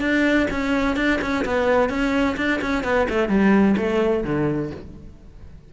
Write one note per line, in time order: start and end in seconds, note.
0.00 0.47 D4
0.50 0.96 C#4
0.96 1.20 D4
1.21 1.44 C#4
1.45 1.89 B3
1.89 2.36 C#4
2.37 2.60 D4
2.61 2.84 C#4
2.84 3.07 B3
3.09 3.28 A3
3.28 3.75 G3
3.77 4.24 A3
4.24 4.71 D3